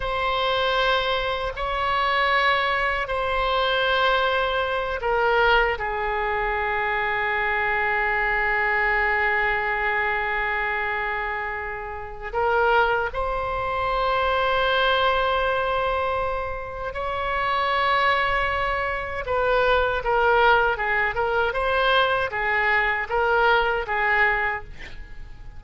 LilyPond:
\new Staff \with { instrumentName = "oboe" } { \time 4/4 \tempo 4 = 78 c''2 cis''2 | c''2~ c''8 ais'4 gis'8~ | gis'1~ | gis'1 |
ais'4 c''2.~ | c''2 cis''2~ | cis''4 b'4 ais'4 gis'8 ais'8 | c''4 gis'4 ais'4 gis'4 | }